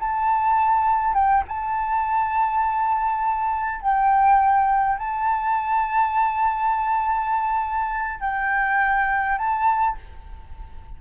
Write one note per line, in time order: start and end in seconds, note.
0.00 1.15 A5
1.15 1.44 G5
1.48 3.82 A5
3.82 4.98 G5
4.98 8.21 A5
8.21 9.39 G5
9.39 9.97 A5